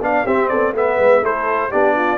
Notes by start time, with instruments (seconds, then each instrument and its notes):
0.00 tuba B3, trombone D4, horn D5, trumpet F5
0.26 tuba C4, trombone C4, horn G4, trumpet E5
0.48 tuba B3, horn A4, trumpet D5
0.72 tuba A3, trombone B3, trumpet E5
0.78 horn B4
0.98 tuba G#3
1.21 tuba A3, trombone E4, horn A4, trumpet C5
1.71 tuba B3, trombone D4, horn G4, trumpet D5
1.95 horn F4